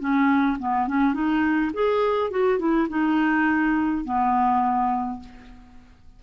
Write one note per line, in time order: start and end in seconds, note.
0.00 0.58 C#4
0.59 0.88 B3
0.88 1.14 C#4
1.14 1.72 D#4
1.74 2.31 G#4
2.31 2.59 F#4
2.59 2.88 E4
2.89 4.05 D#4
4.05 5.20 B3